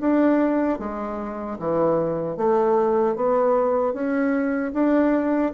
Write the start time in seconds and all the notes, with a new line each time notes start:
0.00 D4
0.79 G#3
1.59 E3
2.36 A3
3.15 B3
3.93 C#4
4.73 D4